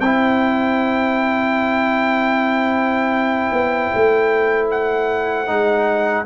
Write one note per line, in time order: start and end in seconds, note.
0.00 3.51 C4
0.00 5.47 E4
0.00 6.26 C5
0.00 4.68 G5
3.52 3.91 B3
3.95 5.49 A3
4.71 6.26 F#5
5.47 6.26 G#3
5.47 6.25 D#4